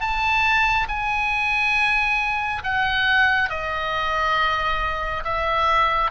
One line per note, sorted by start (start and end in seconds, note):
0.00 0.87 A5
0.88 2.62 G#5
2.63 3.49 F#5
3.49 5.23 D#5
5.24 6.11 E5